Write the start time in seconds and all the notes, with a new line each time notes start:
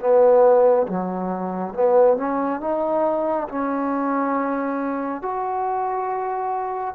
0.00 B3
0.88 F#3
1.74 B3
2.17 C#4
2.61 D#4
3.49 C#4
5.22 F#4